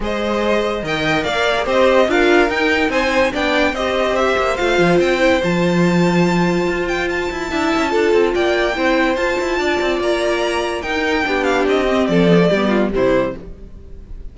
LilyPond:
<<
  \new Staff \with { instrumentName = "violin" } { \time 4/4 \tempo 4 = 144 dis''2 g''4 f''4 | dis''4 f''4 g''4 gis''4 | g''4 dis''4 e''4 f''4 | g''4 a''2.~ |
a''8 g''8 a''2. | g''2 a''2 | ais''2 g''4. f''8 | dis''4 d''2 c''4 | }
  \new Staff \with { instrumentName = "violin" } { \time 4/4 c''2 dis''4 d''4 | c''4 ais'2 c''4 | d''4 c''2.~ | c''1~ |
c''2 e''4 a'4 | d''4 c''2 d''4~ | d''2 ais'4 g'4~ | g'4 a'4 g'8 f'8 e'4 | }
  \new Staff \with { instrumentName = "viola" } { \time 4/4 gis'2 ais'4.~ ais'16 gis'16 | g'4 f'4 dis'2 | d'4 g'2 f'4~ | f'8 e'8 f'2.~ |
f'2 e'4 f'4~ | f'4 e'4 f'2~ | f'2 dis'4 d'4~ | d'8 c'4 b16 a16 b4 g4 | }
  \new Staff \with { instrumentName = "cello" } { \time 4/4 gis2 dis4 ais4 | c'4 d'4 dis'4 c'4 | b4 c'4. ais8 a8 f8 | c'4 f2. |
f'4. e'8 d'8 cis'8 d'8 c'8 | ais4 c'4 f'8 e'8 d'8 c'8 | ais2 dis'4 b4 | c'4 f4 g4 c4 | }
>>